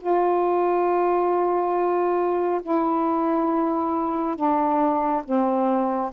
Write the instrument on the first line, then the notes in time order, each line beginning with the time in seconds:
saxophone
0.00 F4
2.62 E4
4.35 D4
5.24 C4